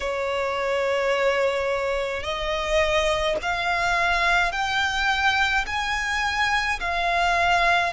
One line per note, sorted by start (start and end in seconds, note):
0.00 2.23 C#5
2.23 3.36 D#5
3.42 4.51 F5
4.51 5.64 G5
5.66 6.79 G#5
6.80 7.92 F5